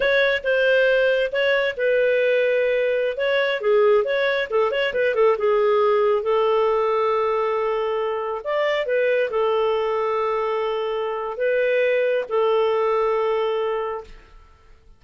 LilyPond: \new Staff \with { instrumentName = "clarinet" } { \time 4/4 \tempo 4 = 137 cis''4 c''2 cis''4 | b'2.~ b'16 cis''8.~ | cis''16 gis'4 cis''4 a'8 cis''8 b'8 a'16~ | a'16 gis'2 a'4.~ a'16~ |
a'2.~ a'16 d''8.~ | d''16 b'4 a'2~ a'8.~ | a'2 b'2 | a'1 | }